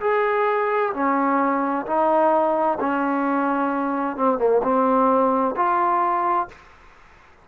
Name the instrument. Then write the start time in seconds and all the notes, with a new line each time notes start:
trombone
0.00 G#4
0.93 C#4
1.86 D#4
2.79 C#4
4.16 C4
4.38 A#3
4.62 C4
5.56 F4